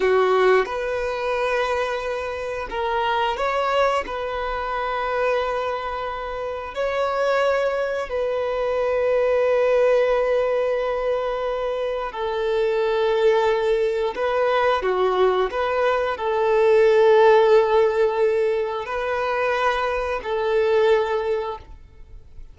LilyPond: \new Staff \with { instrumentName = "violin" } { \time 4/4 \tempo 4 = 89 fis'4 b'2. | ais'4 cis''4 b'2~ | b'2 cis''2 | b'1~ |
b'2 a'2~ | a'4 b'4 fis'4 b'4 | a'1 | b'2 a'2 | }